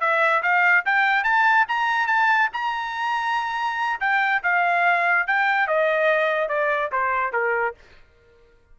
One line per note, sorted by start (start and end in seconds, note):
0.00 0.42 E5
0.42 0.84 F5
0.85 1.24 G5
1.24 1.66 A5
1.68 2.07 A#5
2.07 2.49 A5
2.53 4.00 A#5
4.00 4.42 G5
4.43 5.27 F5
5.27 5.67 G5
5.67 6.48 D#5
6.48 6.90 D5
6.92 7.32 C5
7.32 7.74 A#4